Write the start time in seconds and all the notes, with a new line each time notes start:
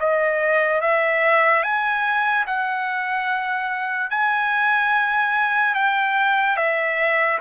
0.00 D#5
0.81 E5
1.63 G#5
2.47 F#5
4.10 G#5
5.75 G5
6.56 E5